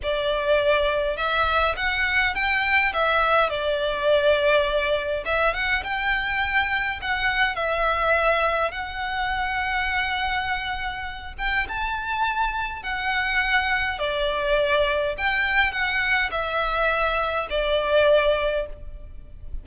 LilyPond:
\new Staff \with { instrumentName = "violin" } { \time 4/4 \tempo 4 = 103 d''2 e''4 fis''4 | g''4 e''4 d''2~ | d''4 e''8 fis''8 g''2 | fis''4 e''2 fis''4~ |
fis''2.~ fis''8 g''8 | a''2 fis''2 | d''2 g''4 fis''4 | e''2 d''2 | }